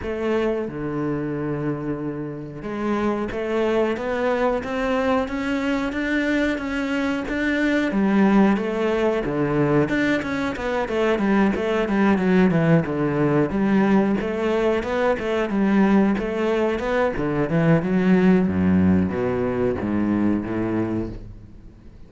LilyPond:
\new Staff \with { instrumentName = "cello" } { \time 4/4 \tempo 4 = 91 a4 d2. | gis4 a4 b4 c'4 | cis'4 d'4 cis'4 d'4 | g4 a4 d4 d'8 cis'8 |
b8 a8 g8 a8 g8 fis8 e8 d8~ | d8 g4 a4 b8 a8 g8~ | g8 a4 b8 d8 e8 fis4 | fis,4 b,4 gis,4 a,4 | }